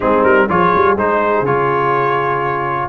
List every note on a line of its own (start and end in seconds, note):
0.00 0.23 G#3
0.00 0.48 C4
0.00 0.48 D#4
0.00 0.23 G#4
0.23 0.48 G3
0.23 0.47 A#4
0.48 0.72 F3
0.48 0.97 F4
0.48 2.89 G#4
0.48 0.97 C#5
0.75 0.96 G3
0.96 1.41 G#3
0.96 1.45 D#4
0.96 1.46 C5
1.41 2.86 C#3
1.41 2.89 F4
1.41 2.89 C#5